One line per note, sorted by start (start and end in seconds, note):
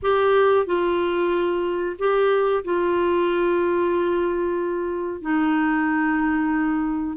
0.02 0.66 G4
0.66 1.96 F4
1.98 2.64 G4
2.64 5.21 F4
5.21 7.17 D#4